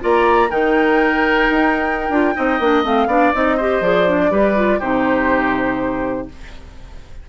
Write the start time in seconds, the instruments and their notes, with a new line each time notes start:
0.00 bassoon A#3, clarinet F4, oboe D5, flute A#5
0.50 bassoon D#3, clarinet D#4, oboe A#4, flute G5
1.50 bassoon D#4
2.09 bassoon D4, clarinet F4
2.34 bassoon C4, clarinet D#4, oboe D#5
2.59 bassoon A#3, clarinet D4
2.84 bassoon A3, clarinet C4, flute F5
3.07 bassoon B3, clarinet D4, oboe D5
3.33 bassoon C4, clarinet D#4, flute D#5
3.57 clarinet G4, oboe C5
3.80 bassoon F3, clarinet G#4, flute D5
4.07 clarinet D4
4.30 bassoon G3, clarinet G4, oboe B4
4.55 clarinet F4
4.79 bassoon C3, clarinet D#4, oboe G4, flute C5